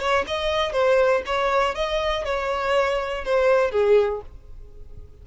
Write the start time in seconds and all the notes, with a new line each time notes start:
0.00 C#5
0.27 D#5
0.72 C5
1.26 C#5
1.75 D#5
2.25 C#5
3.25 C5
3.71 G#4